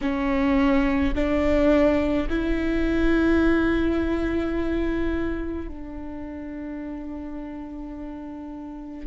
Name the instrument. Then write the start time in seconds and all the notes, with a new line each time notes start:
viola
0.01 C#4
1.14 D4
2.29 E4
5.68 D4